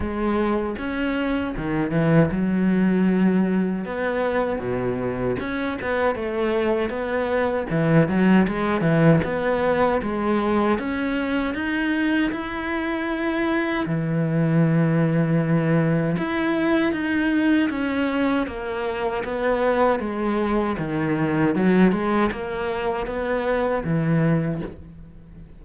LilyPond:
\new Staff \with { instrumentName = "cello" } { \time 4/4 \tempo 4 = 78 gis4 cis'4 dis8 e8 fis4~ | fis4 b4 b,4 cis'8 b8 | a4 b4 e8 fis8 gis8 e8 | b4 gis4 cis'4 dis'4 |
e'2 e2~ | e4 e'4 dis'4 cis'4 | ais4 b4 gis4 dis4 | fis8 gis8 ais4 b4 e4 | }